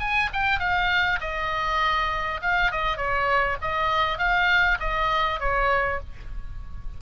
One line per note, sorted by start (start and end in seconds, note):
0.00 0.30 G#5
0.33 0.59 G5
0.59 1.19 F5
1.21 2.41 D#5
2.42 2.72 F5
2.72 2.97 D#5
2.97 3.57 C#5
3.61 4.18 D#5
4.18 4.78 F5
4.80 5.40 D#5
5.40 6.00 C#5